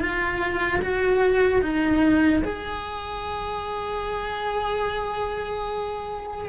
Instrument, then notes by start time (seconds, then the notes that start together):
cello
0.00 F4
0.82 F#4
1.62 D#4
2.44 G#4